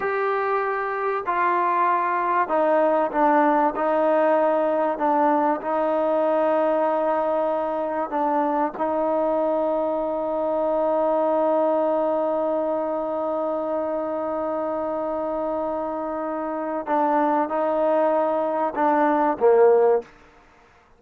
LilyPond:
\new Staff \with { instrumentName = "trombone" } { \time 4/4 \tempo 4 = 96 g'2 f'2 | dis'4 d'4 dis'2 | d'4 dis'2.~ | dis'4 d'4 dis'2~ |
dis'1~ | dis'1~ | dis'2. d'4 | dis'2 d'4 ais4 | }